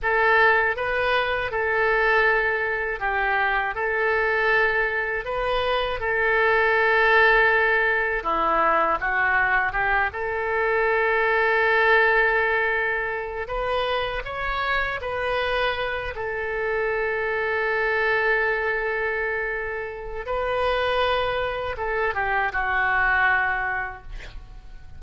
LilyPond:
\new Staff \with { instrumentName = "oboe" } { \time 4/4 \tempo 4 = 80 a'4 b'4 a'2 | g'4 a'2 b'4 | a'2. e'4 | fis'4 g'8 a'2~ a'8~ |
a'2 b'4 cis''4 | b'4. a'2~ a'8~ | a'2. b'4~ | b'4 a'8 g'8 fis'2 | }